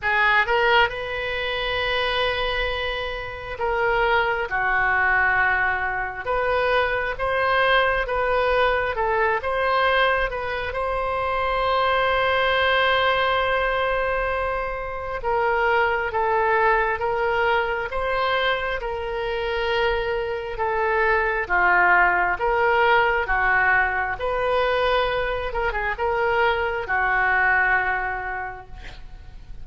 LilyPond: \new Staff \with { instrumentName = "oboe" } { \time 4/4 \tempo 4 = 67 gis'8 ais'8 b'2. | ais'4 fis'2 b'4 | c''4 b'4 a'8 c''4 b'8 | c''1~ |
c''4 ais'4 a'4 ais'4 | c''4 ais'2 a'4 | f'4 ais'4 fis'4 b'4~ | b'8 ais'16 gis'16 ais'4 fis'2 | }